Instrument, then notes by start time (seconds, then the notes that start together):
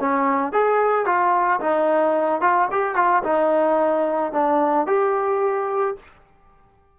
trombone
0.00 C#4
0.53 G#4
1.06 F4
1.61 D#4
2.41 F4
2.71 G4
2.96 F4
3.24 D#4
4.32 D4
4.87 G4